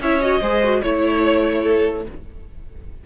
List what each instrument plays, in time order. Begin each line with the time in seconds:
0.00 cello C#4, viola E4, violin C#5 E5
0.21 viola F#4, violin D#5
0.41 cello G#3, viola G#4, violin C5
0.64 viola F#4
0.82 cello A3, viola E4, violin C#5
1.62 violin A4